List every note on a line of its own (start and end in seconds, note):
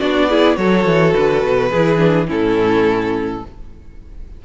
0.00 0.57 B3
0.00 0.30 D4
0.00 0.29 F#4
0.00 0.57 D5
0.29 0.58 E4
0.29 0.58 G#4
0.57 0.86 F#3
0.57 1.72 F#4
0.57 1.71 A4
0.57 1.13 C#5
0.86 1.14 E3
1.13 1.44 D3
1.13 2.27 B4
1.44 1.72 B2
1.71 2.29 E3
1.71 1.98 E4
1.71 2.28 G#4
1.98 2.26 D4
2.27 3.43 A2
2.27 3.42 C#4
2.27 3.43 E4
2.27 3.45 A4